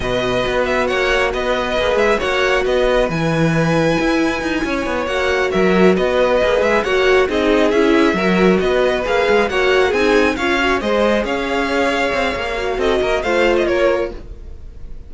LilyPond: <<
  \new Staff \with { instrumentName = "violin" } { \time 4/4 \tempo 4 = 136 dis''4. e''8 fis''4 dis''4~ | dis''8 e''8 fis''4 dis''4 gis''4~ | gis''2.~ gis''8 fis''8~ | fis''8 e''4 dis''4. e''8 fis''8~ |
fis''8 dis''4 e''2 dis''8~ | dis''8 f''4 fis''4 gis''4 f''8~ | f''8 dis''4 f''2~ f''8~ | f''4 dis''4 f''8. dis''16 cis''4 | }
  \new Staff \with { instrumentName = "violin" } { \time 4/4 b'2 cis''4 b'4~ | b'4 cis''4 b'2~ | b'2~ b'8 cis''4.~ | cis''8 ais'4 b'2 cis''8~ |
cis''8 gis'2 ais'4 b'8~ | b'4. cis''4 gis'4 cis''8~ | cis''8 c''4 cis''2~ cis''8~ | cis''4 a'8 ais'8 c''4 ais'4 | }
  \new Staff \with { instrumentName = "viola" } { \time 4/4 fis'1 | gis'4 fis'2 e'4~ | e'2.~ e'8 fis'8~ | fis'2~ fis'8 gis'4 fis'8~ |
fis'8 dis'4 e'4 fis'4.~ | fis'8 gis'4 fis'4 dis'4 f'8 | fis'8 gis'2.~ gis'8~ | gis'8 fis'4. f'2 | }
  \new Staff \with { instrumentName = "cello" } { \time 4/4 b,4 b4 ais4 b4 | ais8 gis8 ais4 b4 e4~ | e4 e'4 dis'8 cis'8 b8 ais8~ | ais8 fis4 b4 ais8 gis8 ais8~ |
ais8 c'4 cis'4 fis4 b8~ | b8 ais8 gis8 ais4 c'4 cis'8~ | cis'8 gis4 cis'2 c'8 | ais4 c'8 ais8 a4 ais4 | }
>>